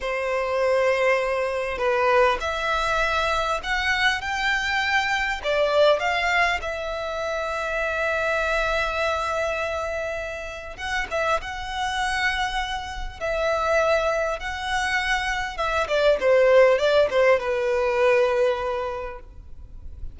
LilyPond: \new Staff \with { instrumentName = "violin" } { \time 4/4 \tempo 4 = 100 c''2. b'4 | e''2 fis''4 g''4~ | g''4 d''4 f''4 e''4~ | e''1~ |
e''2 fis''8 e''8 fis''4~ | fis''2 e''2 | fis''2 e''8 d''8 c''4 | d''8 c''8 b'2. | }